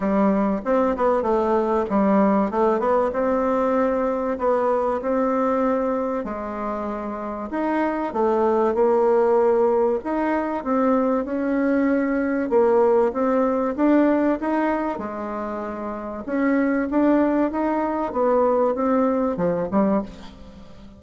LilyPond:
\new Staff \with { instrumentName = "bassoon" } { \time 4/4 \tempo 4 = 96 g4 c'8 b8 a4 g4 | a8 b8 c'2 b4 | c'2 gis2 | dis'4 a4 ais2 |
dis'4 c'4 cis'2 | ais4 c'4 d'4 dis'4 | gis2 cis'4 d'4 | dis'4 b4 c'4 f8 g8 | }